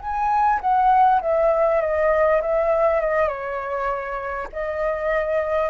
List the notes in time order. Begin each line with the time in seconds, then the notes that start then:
0.00 G#5
0.61 F#5
1.21 E5
1.81 D#5
2.41 E5
3.00 D#5
3.28 C#5
4.52 D#5